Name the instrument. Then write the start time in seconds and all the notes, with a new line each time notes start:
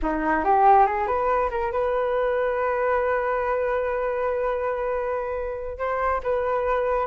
flute
0.02 D#4
0.44 G4
0.86 G#4
1.07 B4
1.50 A#4
1.71 B4
5.78 C5
6.23 B4